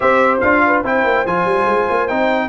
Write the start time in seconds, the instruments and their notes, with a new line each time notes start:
0.00 tuba C4, trombone G4, horn C5, trumpet E5
0.40 tuba D4, trombone F4, trumpet F5
0.66 horn B4
0.83 tuba C4, trombone E4, horn C5, trumpet G5
1.03 tuba A#3
1.25 tuba F3, trombone F4, trumpet G#5
1.45 tuba G3
1.65 tuba G#3
1.89 tuba A#3
2.07 tuba C4, trombone D#4, trumpet G5